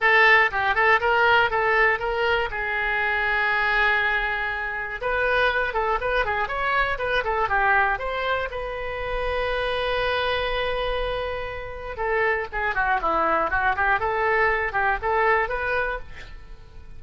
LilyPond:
\new Staff \with { instrumentName = "oboe" } { \time 4/4 \tempo 4 = 120 a'4 g'8 a'8 ais'4 a'4 | ais'4 gis'2.~ | gis'2 b'4. a'8 | b'8 gis'8 cis''4 b'8 a'8 g'4 |
c''4 b'2.~ | b'1 | a'4 gis'8 fis'8 e'4 fis'8 g'8 | a'4. g'8 a'4 b'4 | }